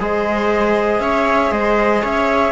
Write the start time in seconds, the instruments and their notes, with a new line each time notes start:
0.00 cello G#3, trombone G#4, viola C5, flute D#5
1.00 cello C#4, viola C#5, flute E5
1.52 cello G#3, viola C5, flute D#5
2.02 cello C#4, viola C#5, flute E5